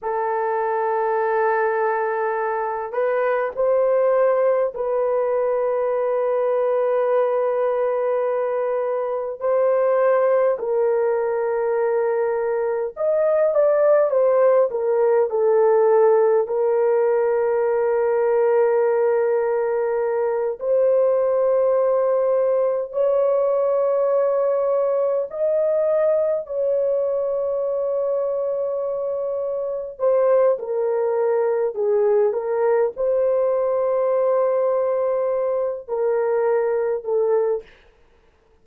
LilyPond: \new Staff \with { instrumentName = "horn" } { \time 4/4 \tempo 4 = 51 a'2~ a'8 b'8 c''4 | b'1 | c''4 ais'2 dis''8 d''8 | c''8 ais'8 a'4 ais'2~ |
ais'4. c''2 cis''8~ | cis''4. dis''4 cis''4.~ | cis''4. c''8 ais'4 gis'8 ais'8 | c''2~ c''8 ais'4 a'8 | }